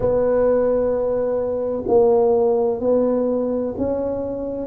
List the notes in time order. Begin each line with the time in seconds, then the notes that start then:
0.00 B3
1.87 A#3
2.80 B3
3.77 C#4